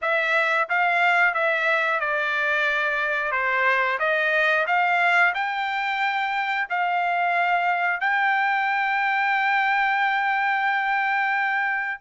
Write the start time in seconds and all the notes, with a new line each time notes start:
0.01 E5
0.69 F5
1.33 E5
2.00 D5
3.31 C5
3.99 D#5
4.66 F5
5.34 G5
6.69 F5
8.00 G5